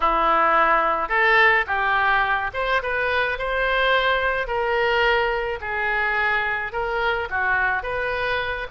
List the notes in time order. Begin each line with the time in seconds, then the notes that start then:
0.00 E4
1.09 A4
1.66 G4
2.53 C5
2.82 B4
3.38 C5
4.47 A#4
5.60 G#4
6.72 A#4
7.30 F#4
7.82 B4